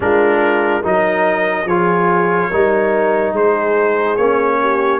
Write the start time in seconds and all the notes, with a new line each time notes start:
0.00 G#3 D4 F4 A#4
0.83 F#3 D#4 A#4 D#5
1.64 F3 F4 G#4 C#5
2.49 G3 D#4 A#4
3.32 G#3 G#4 C5
4.16 A#3 C#4 C#5
4.60 G4